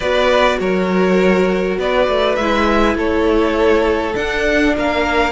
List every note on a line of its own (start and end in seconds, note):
0.00 0.59 B3
0.00 2.39 F#4
0.00 0.58 B4
0.00 0.59 D5
0.59 1.77 F#3
0.59 1.79 A#4
0.59 1.78 C#5
1.77 2.07 B3
1.77 2.96 B4
1.77 2.35 D5
2.08 2.37 A3
2.35 2.95 G#3
2.35 4.13 E4
2.35 2.95 E5
2.95 4.13 A3
2.95 4.75 A4
2.95 4.15 C#5
4.13 5.32 D4
4.13 4.76 D4
4.13 4.75 F#5
4.76 5.32 A#3
4.76 5.32 A#4
4.76 5.32 F5